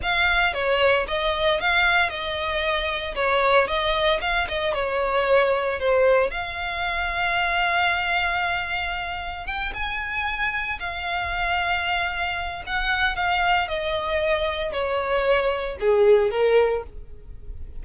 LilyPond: \new Staff \with { instrumentName = "violin" } { \time 4/4 \tempo 4 = 114 f''4 cis''4 dis''4 f''4 | dis''2 cis''4 dis''4 | f''8 dis''8 cis''2 c''4 | f''1~ |
f''2 g''8 gis''4.~ | gis''8 f''2.~ f''8 | fis''4 f''4 dis''2 | cis''2 gis'4 ais'4 | }